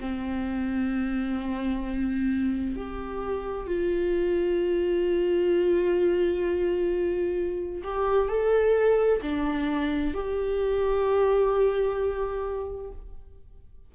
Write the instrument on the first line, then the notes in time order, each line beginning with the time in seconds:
viola
0.00 C4
2.76 G4
3.67 F4
7.84 G4
8.29 A4
9.22 D4
10.14 G4